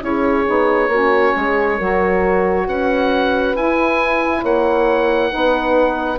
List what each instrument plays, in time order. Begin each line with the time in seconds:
0.00 bassoon C#4, saxophone E4, horn G#4, oboe C#5
0.45 bassoon B3, saxophone D#4
0.88 bassoon A#3, saxophone C#4, horn F#4
1.36 bassoon G#3, horn G#4
1.78 bassoon F#3, saxophone F#4, horn A#4
2.67 bassoon C#4, horn B4, oboe F#5
3.56 bassoon E4, saxophone E4, oboe G#5
4.42 bassoon A#3, horn C#5, oboe F#5
5.30 bassoon B3, saxophone D#4, horn B4